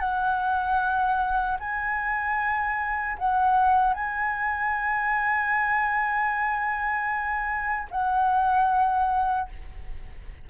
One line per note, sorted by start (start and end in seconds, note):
0.00 1.58 F#5
1.60 3.18 G#5
3.19 3.94 F#5
3.94 7.89 G#5
7.91 9.49 F#5